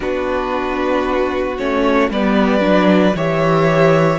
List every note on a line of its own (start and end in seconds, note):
0.00 1.57 B3
0.00 1.57 D4
0.00 2.11 F#4
0.00 1.57 B4
1.57 2.09 A3
1.57 2.12 C#4
1.57 2.10 C#5
2.09 2.60 G3
2.09 2.60 B3
2.09 3.16 B4
2.09 3.17 D5
2.60 3.12 F#3
2.60 3.13 D4
3.14 4.19 E3
3.14 4.19 G4
3.14 4.19 C#5
3.14 4.19 E5